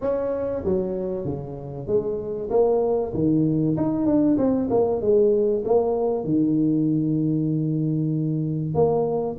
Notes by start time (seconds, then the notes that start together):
0.01 C#4
0.64 F#3
1.25 C#3
1.87 G#3
2.50 A#3
3.14 D#3
3.76 D#4
4.05 D4
4.37 C4
4.69 A#3
5.01 G#3
5.64 A#3
6.24 D#3
8.74 A#3